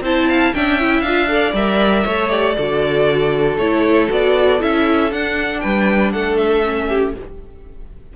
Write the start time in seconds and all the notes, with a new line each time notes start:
0.00 C4 E4 C5 A5
0.29 F5
0.53 C#4 D4 E5 G5
0.79 E4
1.01 D4 F5
1.07 F4
1.28 A4 D5
1.52 G3 A#4 E5
2.04 A3 A4 C#5
2.29 G4 D5
2.56 D3 F#4 A4
3.57 A3 E4 C#5
4.08 B3 F#4 D5
4.59 C#4 E4 E5
5.12 D4 F#5
5.60 G3 B4 G5
6.12 A3 A4 F#5
6.37 E5
6.64 C#4
6.88 G4